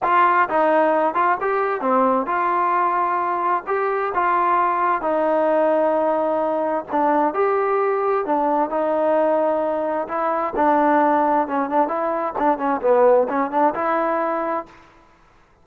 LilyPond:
\new Staff \with { instrumentName = "trombone" } { \time 4/4 \tempo 4 = 131 f'4 dis'4. f'8 g'4 | c'4 f'2. | g'4 f'2 dis'4~ | dis'2. d'4 |
g'2 d'4 dis'4~ | dis'2 e'4 d'4~ | d'4 cis'8 d'8 e'4 d'8 cis'8 | b4 cis'8 d'8 e'2 | }